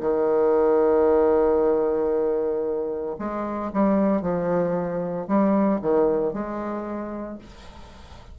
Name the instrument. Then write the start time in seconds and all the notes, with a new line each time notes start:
bassoon
0.00 D#3
3.19 G#3
3.73 G3
4.22 F3
5.27 G3
5.81 D#3
6.33 G#3